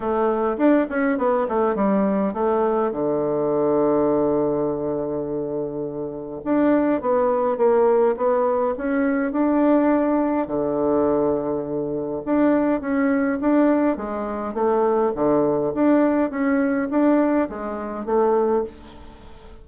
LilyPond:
\new Staff \with { instrumentName = "bassoon" } { \time 4/4 \tempo 4 = 103 a4 d'8 cis'8 b8 a8 g4 | a4 d2.~ | d2. d'4 | b4 ais4 b4 cis'4 |
d'2 d2~ | d4 d'4 cis'4 d'4 | gis4 a4 d4 d'4 | cis'4 d'4 gis4 a4 | }